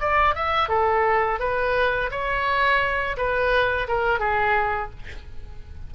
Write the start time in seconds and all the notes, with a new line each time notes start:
0.00 D5
0.35 E5
0.68 A4
1.39 B4
2.10 C#5
3.17 B4
3.87 A#4
4.19 G#4